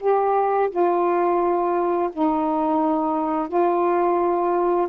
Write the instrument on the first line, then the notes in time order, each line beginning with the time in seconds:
saxophone
0.00 G4
0.70 F4
2.13 D#4
3.49 F4